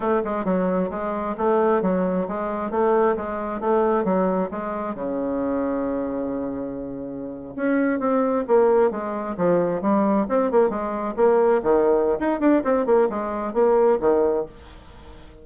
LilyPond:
\new Staff \with { instrumentName = "bassoon" } { \time 4/4 \tempo 4 = 133 a8 gis8 fis4 gis4 a4 | fis4 gis4 a4 gis4 | a4 fis4 gis4 cis4~ | cis1~ |
cis8. cis'4 c'4 ais4 gis16~ | gis8. f4 g4 c'8 ais8 gis16~ | gis8. ais4 dis4~ dis16 dis'8 d'8 | c'8 ais8 gis4 ais4 dis4 | }